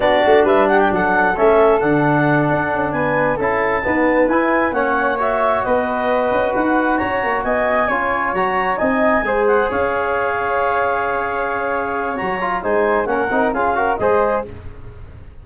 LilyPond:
<<
  \new Staff \with { instrumentName = "clarinet" } { \time 4/4 \tempo 4 = 133 d''4 e''8 fis''16 g''16 fis''4 e''4 | fis''2~ fis''8 gis''4 a''8~ | a''4. gis''4 fis''4 e''8~ | e''8 dis''2 fis''4 ais''8~ |
ais''8 gis''2 ais''4 gis''8~ | gis''4 fis''8 f''2~ f''8~ | f''2. ais''4 | gis''4 fis''4 f''4 dis''4 | }
  \new Staff \with { instrumentName = "flute" } { \time 4/4 fis'4 b'8 g'8 a'2~ | a'2~ a'8 b'4 a'8~ | a'8 b'2 cis''4.~ | cis''8 b'2. cis''8~ |
cis''8 dis''4 cis''2 dis''8~ | dis''8 c''4 cis''2~ cis''8~ | cis''1 | c''4 ais'4 gis'8 ais'8 c''4 | }
  \new Staff \with { instrumentName = "trombone" } { \time 4/4 d'2. cis'4 | d'2.~ d'8 e'8~ | e'8 b4 e'4 cis'4 fis'8~ | fis'1~ |
fis'4. f'4 fis'4 dis'8~ | dis'8 gis'2.~ gis'8~ | gis'2. fis'8 f'8 | dis'4 cis'8 dis'8 f'8 fis'8 gis'4 | }
  \new Staff \with { instrumentName = "tuba" } { \time 4/4 b8 a8 g4 fis4 a4 | d4. d'8 cis'8 b4 cis'8~ | cis'8 dis'4 e'4 ais4.~ | ais8 b4. cis'8 dis'4 cis'8 |
ais8 b4 cis'4 fis4 c'8~ | c'8 gis4 cis'2~ cis'8~ | cis'2. fis4 | gis4 ais8 c'8 cis'4 gis4 | }
>>